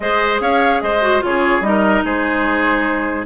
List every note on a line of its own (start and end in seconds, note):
0.00 0.40 G#3
0.00 1.01 G#4
0.00 0.41 C5
0.00 0.40 D#5
0.40 0.81 C#4
0.40 0.82 C#5
0.40 0.81 F5
0.81 1.22 G#3
0.81 1.24 C5
0.81 1.21 D#5
1.01 1.21 F#4
1.21 1.61 C#3
1.21 1.61 F4
1.21 1.67 G#4
1.21 1.62 C#5
1.61 2.01 G3
1.61 3.25 D#4
1.61 2.03 D#5
1.68 2.04 A#4
2.04 3.25 G#3
2.04 3.25 G#4
2.04 3.25 C5